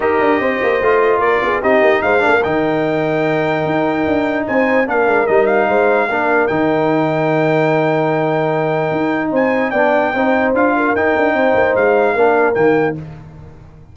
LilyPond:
<<
  \new Staff \with { instrumentName = "trumpet" } { \time 4/4 \tempo 4 = 148 dis''2. d''4 | dis''4 f''4 g''2~ | g''2. gis''4 | f''4 dis''8 f''2~ f''8 |
g''1~ | g''2. gis''4 | g''2 f''4 g''4~ | g''4 f''2 g''4 | }
  \new Staff \with { instrumentName = "horn" } { \time 4/4 ais'4 c''2 ais'8 gis'8 | g'4 c''8 ais'2~ ais'8~ | ais'2. c''4 | ais'2 c''4 ais'4~ |
ais'1~ | ais'2. c''4 | d''4 c''4. ais'4. | c''2 ais'2 | }
  \new Staff \with { instrumentName = "trombone" } { \time 4/4 g'2 f'2 | dis'4. d'8 dis'2~ | dis'1 | d'4 dis'2 d'4 |
dis'1~ | dis'1 | d'4 dis'4 f'4 dis'4~ | dis'2 d'4 ais4 | }
  \new Staff \with { instrumentName = "tuba" } { \time 4/4 dis'8 d'8 c'8 ais8 a4 ais8 b8 | c'8 ais8 gis8 ais8 dis2~ | dis4 dis'4 d'4 c'4 | ais8 gis8 g4 gis4 ais4 |
dis1~ | dis2 dis'4 c'4 | b4 c'4 d'4 dis'8 d'8 | c'8 ais8 gis4 ais4 dis4 | }
>>